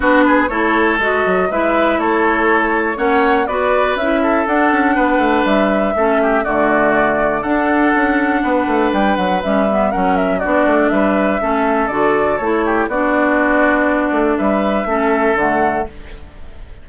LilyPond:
<<
  \new Staff \with { instrumentName = "flute" } { \time 4/4 \tempo 4 = 121 b'4 cis''4 dis''4 e''4 | cis''2 fis''4 d''4 | e''4 fis''2 e''4~ | e''4 d''2 fis''4~ |
fis''2 g''8 fis''8 e''4 | fis''8 e''8 d''4 e''2 | d''4 cis''4 d''2~ | d''4 e''2 fis''4 | }
  \new Staff \with { instrumentName = "oboe" } { \time 4/4 fis'8 gis'8 a'2 b'4 | a'2 cis''4 b'4~ | b'8 a'4. b'2 | a'8 g'8 fis'2 a'4~ |
a'4 b'2. | ais'4 fis'4 b'4 a'4~ | a'4. g'8 fis'2~ | fis'4 b'4 a'2 | }
  \new Staff \with { instrumentName = "clarinet" } { \time 4/4 d'4 e'4 fis'4 e'4~ | e'2 cis'4 fis'4 | e'4 d'2. | cis'4 a2 d'4~ |
d'2. cis'8 b8 | cis'4 d'2 cis'4 | fis'4 e'4 d'2~ | d'2 cis'4 a4 | }
  \new Staff \with { instrumentName = "bassoon" } { \time 4/4 b4 a4 gis8 fis8 gis4 | a2 ais4 b4 | cis'4 d'8 cis'8 b8 a8 g4 | a4 d2 d'4 |
cis'4 b8 a8 g8 fis8 g4 | fis4 b8 a8 g4 a4 | d4 a4 b2~ | b8 a8 g4 a4 d4 | }
>>